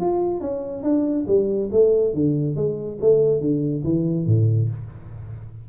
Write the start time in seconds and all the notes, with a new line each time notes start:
0.00 F4
0.40 C#4
0.83 D4
1.27 G3
1.71 A3
2.13 D3
2.55 G#3
3.01 A3
3.40 D3
3.83 E3
4.26 A2